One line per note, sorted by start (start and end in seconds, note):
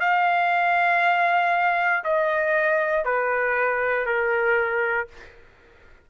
0.00 2.03 F5
2.04 3.05 D#5
3.05 4.06 B4
4.06 5.08 A#4